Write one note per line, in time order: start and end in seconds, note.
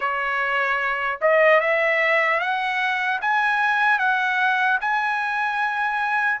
0.00 1.19 C#5
1.21 1.60 D#5
1.60 2.40 E5
2.40 3.20 F#5
3.21 3.99 G#5
3.99 4.79 F#5
4.80 6.40 G#5